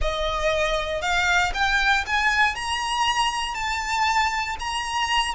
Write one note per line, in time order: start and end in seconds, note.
0.01 1.01 D#5
1.01 1.52 F5
1.54 2.05 G5
2.06 2.55 G#5
2.55 3.54 A#5
3.54 4.56 A5
4.59 5.34 A#5